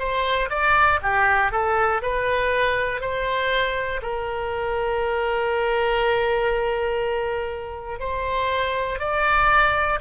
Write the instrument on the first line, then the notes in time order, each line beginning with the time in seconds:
oboe
0.00 C5
0.50 D5
1.03 G4
1.52 A4
2.02 B4
3.01 C5
4.02 A#4
8.00 C5
9.00 D5